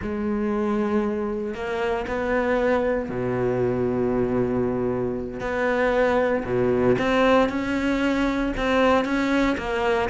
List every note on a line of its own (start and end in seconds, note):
0.02 1.54 G#3
1.54 2.05 A#3
2.07 3.09 B3
3.09 5.40 B2
5.40 6.44 B3
6.45 6.96 B2
6.98 7.49 C4
7.49 8.52 C#4
8.56 9.04 C4
9.04 9.56 C#4
9.57 10.09 A#3